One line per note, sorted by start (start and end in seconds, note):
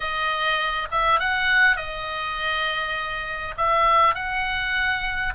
0.00 0.88 D#5
0.91 1.19 E5
1.19 1.76 F#5
1.76 3.54 D#5
3.57 4.14 E5
4.14 5.33 F#5